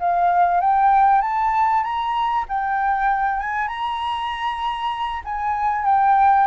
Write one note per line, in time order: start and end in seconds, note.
0.00 0.61 F5
0.61 1.22 G5
1.22 1.84 A5
1.84 2.45 A#5
2.49 3.40 G5
3.40 3.68 G#5
3.68 5.23 A#5
5.25 5.86 G#5
5.86 6.48 G5